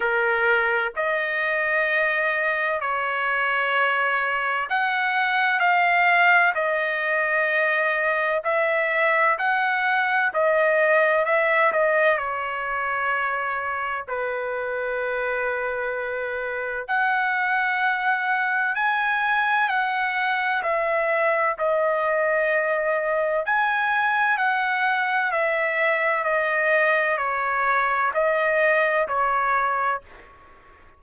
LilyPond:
\new Staff \with { instrumentName = "trumpet" } { \time 4/4 \tempo 4 = 64 ais'4 dis''2 cis''4~ | cis''4 fis''4 f''4 dis''4~ | dis''4 e''4 fis''4 dis''4 | e''8 dis''8 cis''2 b'4~ |
b'2 fis''2 | gis''4 fis''4 e''4 dis''4~ | dis''4 gis''4 fis''4 e''4 | dis''4 cis''4 dis''4 cis''4 | }